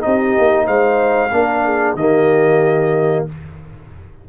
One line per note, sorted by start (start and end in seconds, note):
0.00 0.38 C4
0.00 1.29 D#4
0.00 0.65 G4
0.00 0.66 D#5
0.38 0.68 A#3
0.65 1.32 G#3
0.65 1.30 C5
0.65 1.96 F5
1.32 1.94 A#3
1.32 1.97 D4
1.32 1.65 A#4
1.65 1.97 G#4
1.94 3.24 D#3
1.94 3.28 A#3
1.94 3.28 G4
1.94 3.25 D#5